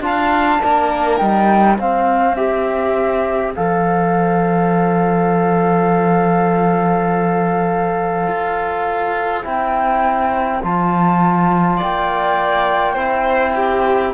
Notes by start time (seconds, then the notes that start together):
0.00 D4 F4 A5
0.06 F5
0.60 A#3 D4 A#4
1.18 G3 D#4 G5
1.79 C4 C5 F5
2.35 G4 E5
3.55 F3 A4 F5
8.27 F4
9.43 C4 E4 G5
10.62 F3 F4 A5
11.77 A#3 D5 G5
12.93 C4 E4 C5
13.55 G4